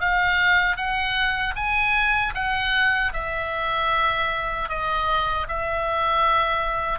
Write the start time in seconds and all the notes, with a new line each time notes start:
0.00 F5
0.76 F#5
1.55 G#5
2.34 F#5
3.13 E5
4.69 D#5
5.48 E5